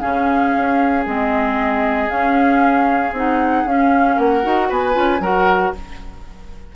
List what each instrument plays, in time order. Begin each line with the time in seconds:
0.00 bassoon C#3, clarinet C#4, oboe G#4, flute F5
0.56 bassoon C#4
1.06 bassoon G#3, clarinet C4, flute D#5
2.09 bassoon C#4, clarinet C#4, flute F5
3.13 bassoon C4, clarinet D#4, flute F#5
3.65 bassoon C#4, clarinet C#4, flute F5
4.16 bassoon A#3, oboe A#4, flute F#5
4.43 bassoon D#4, clarinet F#4
4.69 bassoon B3, oboe B4, flute G#5
4.93 bassoon C#4, clarinet F4
5.20 bassoon F#3, clarinet F#4, oboe A#4, flute F#5